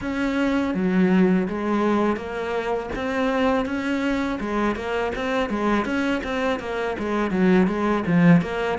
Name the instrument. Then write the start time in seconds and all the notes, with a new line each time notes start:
cello
0.01 C#4
0.74 F#3
1.47 G#3
2.16 A#3
2.95 C4
3.65 C#4
4.39 G#3
4.75 A#3
5.15 C4
5.49 G#3
5.85 C#4
6.23 C4
6.59 A#3
6.98 G#3
7.30 F#3
7.67 G#3
8.06 F3
8.41 A#3